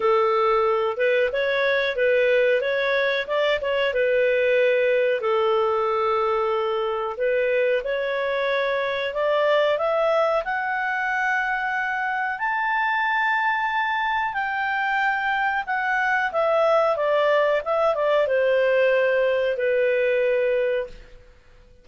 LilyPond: \new Staff \with { instrumentName = "clarinet" } { \time 4/4 \tempo 4 = 92 a'4. b'8 cis''4 b'4 | cis''4 d''8 cis''8 b'2 | a'2. b'4 | cis''2 d''4 e''4 |
fis''2. a''4~ | a''2 g''2 | fis''4 e''4 d''4 e''8 d''8 | c''2 b'2 | }